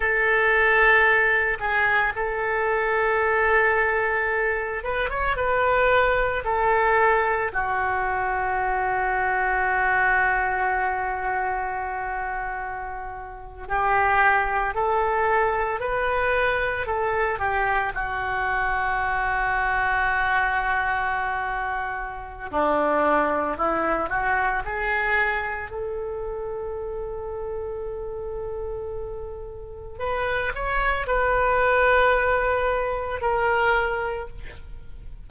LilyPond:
\new Staff \with { instrumentName = "oboe" } { \time 4/4 \tempo 4 = 56 a'4. gis'8 a'2~ | a'8 b'16 cis''16 b'4 a'4 fis'4~ | fis'1~ | fis'8. g'4 a'4 b'4 a'16~ |
a'16 g'8 fis'2.~ fis'16~ | fis'4 d'4 e'8 fis'8 gis'4 | a'1 | b'8 cis''8 b'2 ais'4 | }